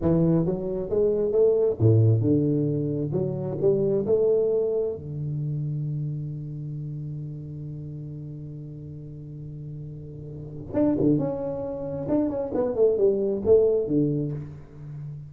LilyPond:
\new Staff \with { instrumentName = "tuba" } { \time 4/4 \tempo 4 = 134 e4 fis4 gis4 a4 | a,4 d2 fis4 | g4 a2 d4~ | d1~ |
d1~ | d1 | d'8 d8 cis'2 d'8 cis'8 | b8 a8 g4 a4 d4 | }